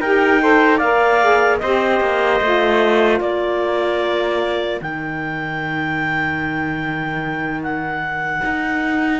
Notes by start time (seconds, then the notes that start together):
0.00 D#4 G4 A#4 G5
0.40 A4 C5
0.78 A#3 A#4 D5 F5
1.22 G#4
1.59 C4 G4 C5 D#5
2.00 A#3
2.40 A3 F4
3.20 A#3 A#4 D5
4.81 D#3 D#4 G5
7.63 F#5
8.44 D#4